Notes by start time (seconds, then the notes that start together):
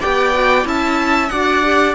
0.00 B3 G4 D5 G5
0.33 F#4
0.63 C#4 E4 E5 A5
1.29 D4 F#4 D5 F#5
1.63 G4